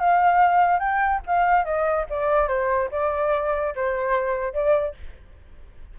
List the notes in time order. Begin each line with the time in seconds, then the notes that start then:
0.00 F5
0.80 G5
1.27 F5
1.65 D#5
2.10 D5
2.48 C5
2.92 D5
3.76 C5
4.54 D5